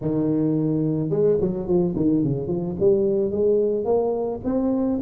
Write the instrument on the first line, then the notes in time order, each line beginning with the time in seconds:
tuba
0.01 D#3
1.10 G#3
1.40 F#3
1.67 F3
1.96 D#3
2.23 C#3
2.47 F3
2.79 G3
3.31 G#3
3.85 A#3
4.44 C4